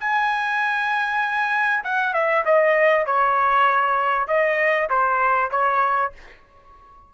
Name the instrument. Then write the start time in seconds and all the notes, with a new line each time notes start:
trumpet
0.00 G#5
1.84 F#5
2.14 E5
2.45 D#5
3.06 C#5
4.28 D#5
4.90 C5
5.51 C#5